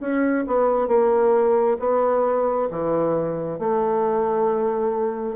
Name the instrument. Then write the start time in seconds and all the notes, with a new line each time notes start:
bassoon
0.00 C#4
0.47 B3
0.88 A#3
1.79 B3
2.70 E3
3.59 A3